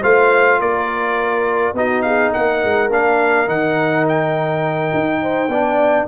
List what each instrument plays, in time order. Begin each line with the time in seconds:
0.00 tuba A3, trombone F4, horn C5, trumpet F5
0.60 tuba A#3, horn A#4, trumpet D5
1.73 tuba B3, trombone D#4, horn F#4, trumpet D#5
2.02 horn G#4, trumpet F5
2.32 tuba A#3, horn A#4, trumpet F#5
2.64 tuba G#3
2.90 tuba A#3, trombone D4, trumpet F5
3.47 tuba D#3, trombone D#4, trumpet F#5
4.08 trumpet G5
4.94 tuba D#4
5.22 horn C5
5.48 tuba B3, trombone D4, horn D5